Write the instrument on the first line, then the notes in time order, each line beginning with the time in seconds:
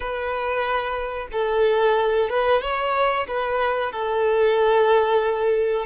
violin
0.00 B4
1.32 A4
2.29 B4
2.61 C#5
3.27 B4
3.92 A4